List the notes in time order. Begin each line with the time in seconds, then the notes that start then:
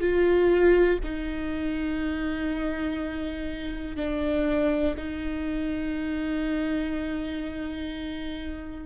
0.00 F4
1.03 D#4
3.96 D4
4.97 D#4